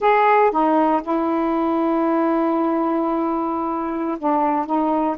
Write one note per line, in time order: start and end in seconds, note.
0.00 0.51 G#4
0.51 1.01 D#4
1.02 4.17 E4
4.18 4.66 D4
4.66 5.16 D#4